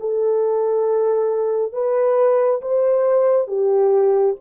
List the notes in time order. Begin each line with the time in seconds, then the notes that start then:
0.00 A4
1.73 B4
2.61 C5
3.47 G4